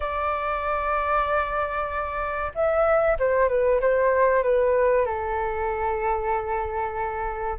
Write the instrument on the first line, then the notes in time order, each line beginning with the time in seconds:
flute
0.00 D5
2.54 E5
3.19 C5
3.49 B4
3.80 C5
4.43 B4
5.05 A4